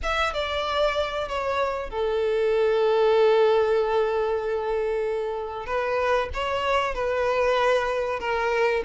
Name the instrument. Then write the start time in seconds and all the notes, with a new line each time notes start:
violin
0.02 E5
0.33 D5
1.28 C#5
1.90 A4
5.66 B4
6.33 C#5
6.94 B4
8.19 A#4